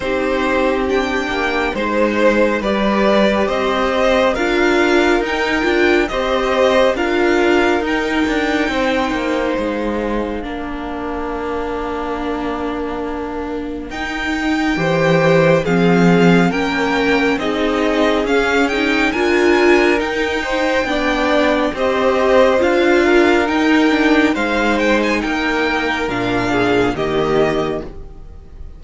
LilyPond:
<<
  \new Staff \with { instrumentName = "violin" } { \time 4/4 \tempo 4 = 69 c''4 g''4 c''4 d''4 | dis''4 f''4 g''4 dis''4 | f''4 g''2 f''4~ | f''1 |
g''2 f''4 g''4 | dis''4 f''8 g''8 gis''4 g''4~ | g''4 dis''4 f''4 g''4 | f''8 g''16 gis''16 g''4 f''4 dis''4 | }
  \new Staff \with { instrumentName = "violin" } { \time 4/4 g'2 c''4 b'4 | c''4 ais'2 c''4 | ais'2 c''2 | ais'1~ |
ais'4 c''4 gis'4 ais'4 | gis'2 ais'4. c''8 | d''4 c''4. ais'4. | c''4 ais'4. gis'8 g'4 | }
  \new Staff \with { instrumentName = "viola" } { \time 4/4 dis'4 d'4 dis'4 g'4~ | g'4 f'4 dis'8 f'8 g'4 | f'4 dis'2. | d'1 |
dis'4 g'4 c'4 cis'4 | dis'4 cis'8 dis'8 f'4 dis'4 | d'4 g'4 f'4 dis'8 d'8 | dis'2 d'4 ais4 | }
  \new Staff \with { instrumentName = "cello" } { \time 4/4 c'4. ais8 gis4 g4 | c'4 d'4 dis'8 d'8 c'4 | d'4 dis'8 d'8 c'8 ais8 gis4 | ais1 |
dis'4 e4 f4 ais4 | c'4 cis'4 d'4 dis'4 | b4 c'4 d'4 dis'4 | gis4 ais4 ais,4 dis4 | }
>>